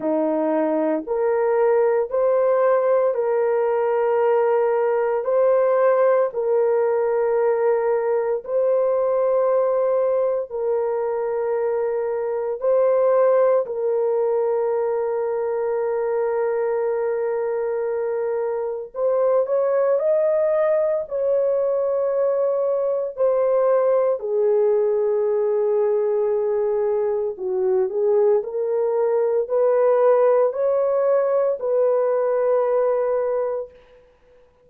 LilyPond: \new Staff \with { instrumentName = "horn" } { \time 4/4 \tempo 4 = 57 dis'4 ais'4 c''4 ais'4~ | ais'4 c''4 ais'2 | c''2 ais'2 | c''4 ais'2.~ |
ais'2 c''8 cis''8 dis''4 | cis''2 c''4 gis'4~ | gis'2 fis'8 gis'8 ais'4 | b'4 cis''4 b'2 | }